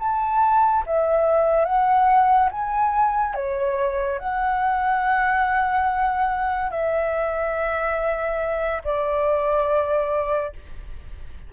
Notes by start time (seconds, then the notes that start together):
0.00 A5
0.86 E5
1.65 F#5
2.52 G#5
3.35 C#5
4.19 F#5
6.71 E5
8.85 D5